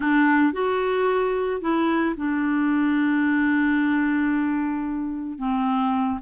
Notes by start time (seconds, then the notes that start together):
0.00 D4
0.53 F#4
1.61 E4
2.16 D4
5.38 C4